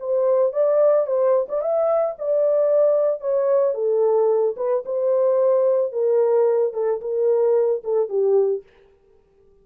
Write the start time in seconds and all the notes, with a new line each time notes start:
0.00 C5
0.53 D5
1.07 C5
1.49 D5
1.62 E5
2.19 D5
3.21 C#5
3.74 A4
4.57 B4
4.86 C5
5.92 A#4
6.74 A4
7.01 A#4
7.84 A4
8.09 G4